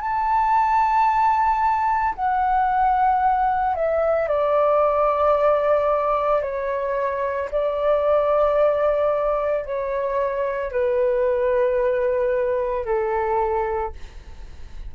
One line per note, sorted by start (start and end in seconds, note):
0.00 2.14 A5
2.15 3.75 F#5
3.75 4.28 E5
4.28 6.42 D5
6.42 7.49 C#5
7.51 9.65 D5
9.65 10.71 C#5
10.71 12.85 B4
12.85 13.92 A4